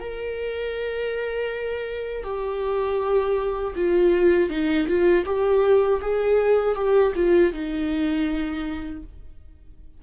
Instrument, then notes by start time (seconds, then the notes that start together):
viola
0.00 A#4
2.24 G4
3.76 F4
4.50 D#4
4.88 F4
5.25 G4
6.01 G#4
6.75 G4
7.15 F4
7.53 D#4